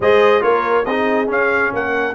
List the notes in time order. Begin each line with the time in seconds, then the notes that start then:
0.00 G#3 G#4 C5 D#5
0.40 A#3 F4 A#4 C#5
0.85 C4 D#4 G#4 D#5
1.26 C#4 F5
1.73 A#3 A#4 F#5